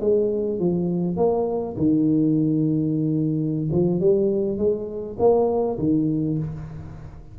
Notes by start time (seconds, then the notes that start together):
0.00 G#3
0.59 F3
1.17 A#3
1.77 D#3
3.72 F3
4.00 G3
4.58 G#3
5.19 A#3
5.79 D#3